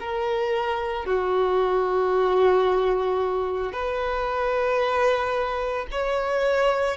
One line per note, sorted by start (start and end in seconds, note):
0.00 1.06 A#4
1.06 3.73 F#4
3.73 5.87 B4
5.91 6.97 C#5